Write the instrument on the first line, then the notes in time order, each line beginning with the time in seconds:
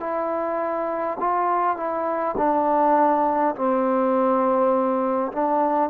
trombone
0.00 E4
1.20 F4
1.76 E4
2.37 D4
3.56 C4
5.32 D4